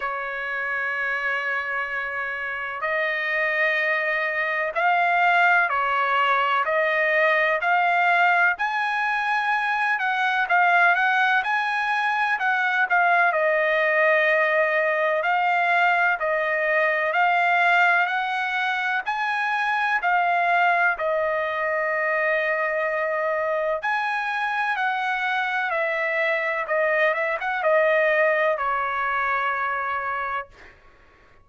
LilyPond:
\new Staff \with { instrumentName = "trumpet" } { \time 4/4 \tempo 4 = 63 cis''2. dis''4~ | dis''4 f''4 cis''4 dis''4 | f''4 gis''4. fis''8 f''8 fis''8 | gis''4 fis''8 f''8 dis''2 |
f''4 dis''4 f''4 fis''4 | gis''4 f''4 dis''2~ | dis''4 gis''4 fis''4 e''4 | dis''8 e''16 fis''16 dis''4 cis''2 | }